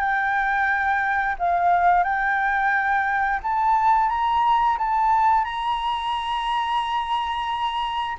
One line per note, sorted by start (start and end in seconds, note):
0.00 1.36 G5
1.39 2.04 F5
2.04 3.40 G5
3.43 4.09 A5
4.09 4.78 A#5
4.78 5.45 A5
5.45 8.17 A#5